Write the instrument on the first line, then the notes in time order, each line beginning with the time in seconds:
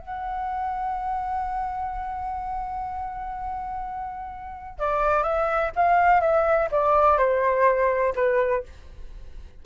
flute
0.00 F#5
4.79 D5
5.23 E5
5.76 F5
6.21 E5
6.72 D5
7.18 C5
8.16 B4